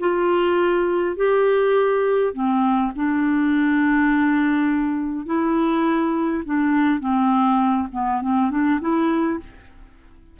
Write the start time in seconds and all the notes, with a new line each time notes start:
0.00 F4
1.17 G4
2.34 C4
2.96 D4
5.26 E4
6.45 D4
7.00 C4
7.92 B3
8.22 C4
8.51 D4
8.81 E4